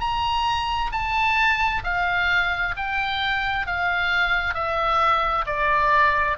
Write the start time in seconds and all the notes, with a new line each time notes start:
0.00 A#5
0.92 A5
1.84 F5
2.76 G5
3.67 F5
4.54 E5
5.46 D5